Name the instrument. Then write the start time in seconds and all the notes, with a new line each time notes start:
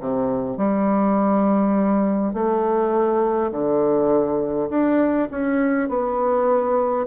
bassoon
0.00 C3
0.57 G3
2.34 A3
3.52 D3
4.70 D4
5.31 C#4
5.89 B3